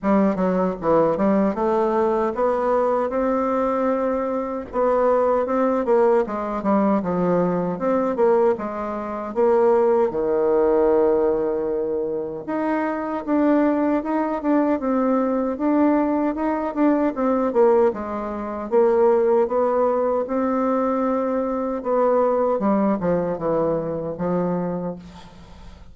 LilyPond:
\new Staff \with { instrumentName = "bassoon" } { \time 4/4 \tempo 4 = 77 g8 fis8 e8 g8 a4 b4 | c'2 b4 c'8 ais8 | gis8 g8 f4 c'8 ais8 gis4 | ais4 dis2. |
dis'4 d'4 dis'8 d'8 c'4 | d'4 dis'8 d'8 c'8 ais8 gis4 | ais4 b4 c'2 | b4 g8 f8 e4 f4 | }